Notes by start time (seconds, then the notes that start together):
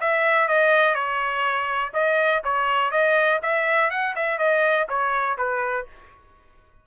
0.00 E5
0.48 D#5
0.94 C#5
1.93 D#5
2.44 C#5
2.91 D#5
3.42 E5
3.90 F#5
4.16 E5
4.38 D#5
4.88 C#5
5.37 B4